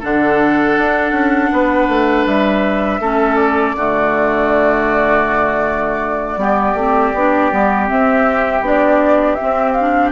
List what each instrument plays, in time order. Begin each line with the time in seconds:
0.00 bassoon D3, clarinet D4, oboe A4, flute F#5
0.78 bassoon D4
1.12 bassoon C#4
1.52 bassoon B3, oboe B4
1.88 bassoon A3
2.26 bassoon G3, flute E5
3.00 bassoon A3, clarinet C#4, oboe A4
3.36 flute D5
3.76 bassoon D3, clarinet A3, oboe F#4
6.37 bassoon G3, clarinet B3, oboe G4
6.75 bassoon A3, clarinet C4
7.14 bassoon B3, clarinet D4
7.52 bassoon G3, clarinet B3
7.87 clarinet C4, bassoon C4, flute E5
8.61 bassoon B3, clarinet D4, flute D5
9.35 clarinet C4, flute E5
9.43 bassoon C4
9.73 flute F5
9.80 clarinet D4